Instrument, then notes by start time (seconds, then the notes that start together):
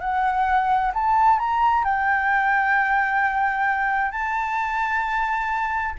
flute
0.00 F#5
0.94 A5
1.39 A#5
1.84 G5
4.11 A5